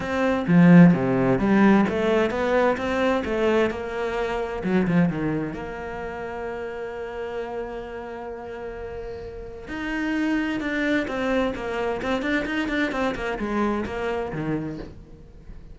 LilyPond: \new Staff \with { instrumentName = "cello" } { \time 4/4 \tempo 4 = 130 c'4 f4 c4 g4 | a4 b4 c'4 a4 | ais2 fis8 f8 dis4 | ais1~ |
ais1~ | ais4 dis'2 d'4 | c'4 ais4 c'8 d'8 dis'8 d'8 | c'8 ais8 gis4 ais4 dis4 | }